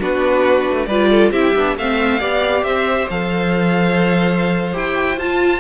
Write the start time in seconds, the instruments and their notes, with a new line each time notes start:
0.00 cello B3, viola D4, violin F#4 B4
0.70 cello A3
0.86 cello G3, viola F4, violin B4 D5
1.10 violin A4
1.31 cello C4, viola E4, violin G4 E5
1.55 cello B3, viola D4
1.77 cello A3, viola C4, violin E5 F5
2.20 cello B3, viola G4, violin D5
2.63 cello C4, violin C5 E5
3.10 cello F3, viola A4, violin F5
4.73 cello E4, viola G4, violin G5
5.18 cello F4, viola F4, violin A5